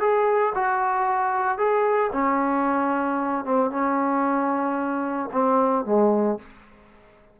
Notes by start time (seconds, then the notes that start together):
0.00 G#4
0.55 F#4
1.58 G#4
2.12 C#4
3.45 C4
3.70 C#4
5.32 C4
5.85 G#3